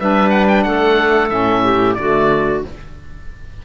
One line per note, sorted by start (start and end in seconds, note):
0.00 0.66 G3
0.00 1.29 D4
0.00 0.66 B4
0.00 0.30 E5
0.30 0.46 F#5
0.48 0.63 G5
0.63 1.30 A3
0.63 1.64 A4
0.63 1.29 F#5
1.29 1.96 A2
1.29 1.95 C#4
1.29 1.94 E5
1.64 1.97 G4
1.94 2.64 D3
1.94 2.65 A3
1.94 2.65 F#4
1.94 2.60 D5